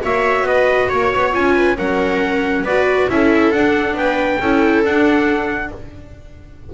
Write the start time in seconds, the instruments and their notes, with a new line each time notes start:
0.00 double bass A#3, viola F#4 C#5, trumpet E5
0.41 double bass B3, viola B4, trumpet D#5
0.88 double bass A#3, viola C#5, trumpet C#5
1.14 double bass B3
1.32 double bass C#4, viola F4, trumpet G#5
1.54 viola B4
1.76 double bass F#3, viola C#4 A#4, trumpet F#5
2.62 double bass B3, viola F#4 B4, trumpet D5
3.09 double bass C#4, viola E4 A4, trumpet E5
3.51 double bass D4, viola D4, trumpet F#5
3.94 double bass B3, viola B4, trumpet G5
4.40 double bass C#4, viola E4 A4
4.84 double bass D4, viola D4, trumpet F#5